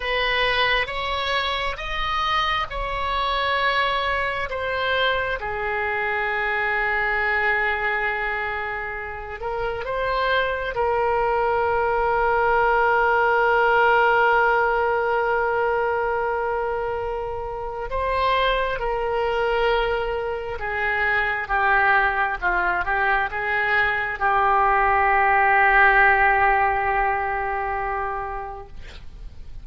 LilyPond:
\new Staff \with { instrumentName = "oboe" } { \time 4/4 \tempo 4 = 67 b'4 cis''4 dis''4 cis''4~ | cis''4 c''4 gis'2~ | gis'2~ gis'8 ais'8 c''4 | ais'1~ |
ais'1 | c''4 ais'2 gis'4 | g'4 f'8 g'8 gis'4 g'4~ | g'1 | }